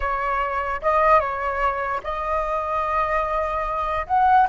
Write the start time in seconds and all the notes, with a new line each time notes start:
0.00 C#5
0.82 D#5
1.19 C#5
2.03 D#5
4.07 F#5